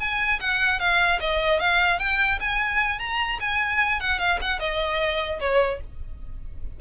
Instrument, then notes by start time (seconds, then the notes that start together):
violin
0.00 G#5
0.40 F#5
0.79 F5
1.20 D#5
1.60 F5
1.99 G5
2.41 G#5
2.99 A#5
3.40 G#5
4.00 F#5
4.19 F5
4.42 F#5
4.59 D#5
5.40 C#5